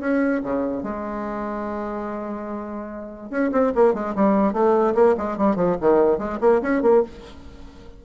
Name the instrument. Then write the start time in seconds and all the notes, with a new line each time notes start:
bassoon
0.00 C#4
0.43 C#3
0.83 G#3
3.30 C#4
3.52 C4
3.75 A#3
3.94 G#3
4.16 G3
4.53 A3
4.95 A#3
5.17 G#3
5.38 G3
5.56 F3
5.81 D#3
6.18 G#3
6.41 A#3
6.62 C#4
6.82 A#3